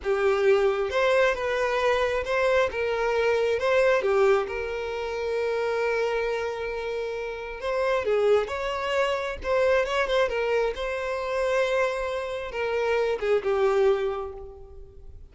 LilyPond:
\new Staff \with { instrumentName = "violin" } { \time 4/4 \tempo 4 = 134 g'2 c''4 b'4~ | b'4 c''4 ais'2 | c''4 g'4 ais'2~ | ais'1~ |
ais'4 c''4 gis'4 cis''4~ | cis''4 c''4 cis''8 c''8 ais'4 | c''1 | ais'4. gis'8 g'2 | }